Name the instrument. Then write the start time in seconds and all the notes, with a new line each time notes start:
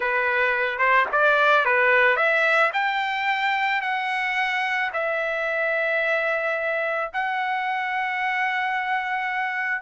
trumpet
0.00 B4
0.78 C5
1.12 D5
1.65 B4
2.16 E5
2.73 G5
3.81 F#5
4.93 E5
7.13 F#5